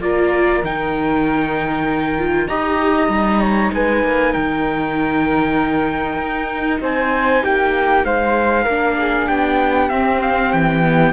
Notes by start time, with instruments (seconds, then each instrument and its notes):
0.00 cello A#3, viola F4, flute A#4, trumpet D5
0.63 cello D#3, viola D#4, trumpet G5
2.19 viola F4
2.48 cello D#4, viola G4, flute D#5, trumpet A#5
3.08 cello G3, viola D#4
3.41 flute C#5
3.74 cello G#3, flute B4, trumpet G#5
4.04 cello A#3
4.33 cello D#3, flute A#4, trumpet G5
6.19 cello D#4
6.81 cello C4, flute C5, trumpet G#5
7.43 cello A#3, flute G4, trumpet G5
8.05 cello G#3, flute C5, trumpet F5
8.64 cello A#3, viola D4, flute A#4
8.98 flute G#4
9.28 cello B3, flute G4, trumpet G5
9.89 cello C4, viola C4, trumpet E5
10.22 trumpet F5
10.53 cello E3, trumpet G5
10.84 viola B3